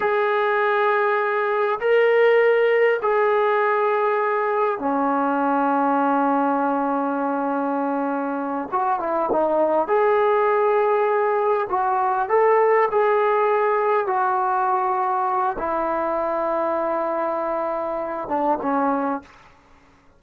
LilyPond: \new Staff \with { instrumentName = "trombone" } { \time 4/4 \tempo 4 = 100 gis'2. ais'4~ | ais'4 gis'2. | cis'1~ | cis'2~ cis'8 fis'8 e'8 dis'8~ |
dis'8 gis'2. fis'8~ | fis'8 a'4 gis'2 fis'8~ | fis'2 e'2~ | e'2~ e'8 d'8 cis'4 | }